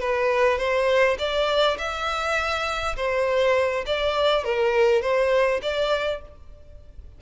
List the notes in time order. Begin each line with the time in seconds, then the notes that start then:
0.00 B4
0.58 C5
1.18 D5
1.78 E5
2.96 C5
3.86 D5
4.44 A#4
5.01 C5
5.62 D5